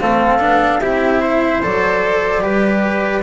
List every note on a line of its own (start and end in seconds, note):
0.00 0.41 A3
0.00 0.40 C4
0.00 0.82 A4
0.00 0.81 F5
0.40 0.81 B3
0.40 0.80 D4
0.81 1.62 C4
0.81 1.63 E4
0.81 1.21 G4
0.81 1.62 E5
1.21 2.43 C5
1.63 2.43 F#3
1.63 2.41 A4
1.63 3.23 D5
2.41 3.23 G3
2.41 3.22 G4
2.41 3.23 B4